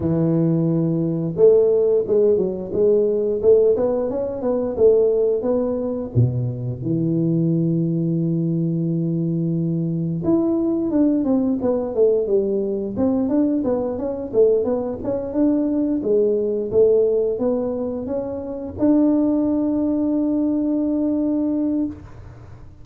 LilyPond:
\new Staff \with { instrumentName = "tuba" } { \time 4/4 \tempo 4 = 88 e2 a4 gis8 fis8 | gis4 a8 b8 cis'8 b8 a4 | b4 b,4 e2~ | e2. e'4 |
d'8 c'8 b8 a8 g4 c'8 d'8 | b8 cis'8 a8 b8 cis'8 d'4 gis8~ | gis8 a4 b4 cis'4 d'8~ | d'1 | }